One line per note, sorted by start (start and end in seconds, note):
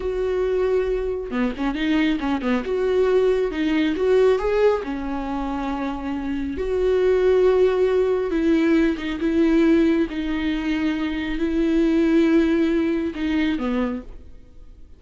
0.00 1.30 F#4
1.30 1.52 B3
1.57 1.74 C#4
1.74 2.18 D#4
2.20 2.41 C#4
2.41 2.63 B3
2.64 3.51 F#4
3.51 3.95 D#4
3.96 4.38 F#4
4.38 4.82 G#4
4.83 6.57 C#4
6.57 8.30 F#4
8.30 8.96 E4
8.97 9.19 D#4
9.20 10.07 E4
10.09 11.38 D#4
11.38 13.13 E4
13.14 13.58 D#4
13.58 14.02 B3